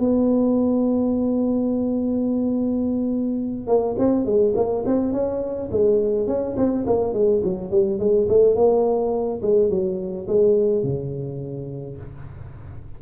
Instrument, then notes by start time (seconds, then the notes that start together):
tuba
0.00 B3
3.68 A#3
3.99 C4
4.25 G#3
4.56 A#3
4.86 C4
5.13 C#4
5.71 G#3
6.27 C#4
6.57 C4
6.87 A#3
7.14 G#3
7.44 F#3
7.71 G3
7.99 G#3
8.29 A3
8.56 A#3
9.42 G#3
9.70 F#3
10.28 G#3
10.83 C#3